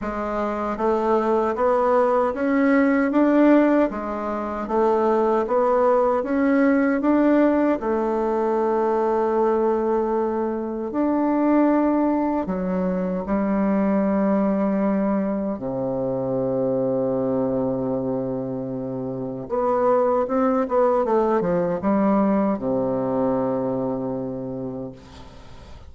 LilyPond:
\new Staff \with { instrumentName = "bassoon" } { \time 4/4 \tempo 4 = 77 gis4 a4 b4 cis'4 | d'4 gis4 a4 b4 | cis'4 d'4 a2~ | a2 d'2 |
fis4 g2. | c1~ | c4 b4 c'8 b8 a8 f8 | g4 c2. | }